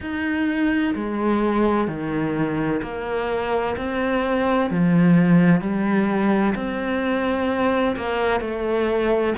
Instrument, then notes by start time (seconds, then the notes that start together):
cello
0.00 D#4
0.95 G#3
1.87 D#3
2.82 A#3
3.76 C4
4.70 F3
5.60 G3
6.55 C4
7.96 A#3
8.40 A3